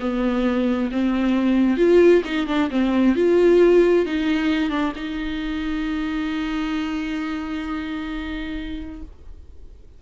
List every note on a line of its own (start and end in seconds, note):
0.00 0.90 B3
0.92 1.77 C4
1.77 2.22 F4
2.25 2.47 D#4
2.47 2.70 D4
2.71 3.16 C4
3.16 4.06 F4
4.06 4.70 D#4
4.70 4.93 D4
4.96 9.02 D#4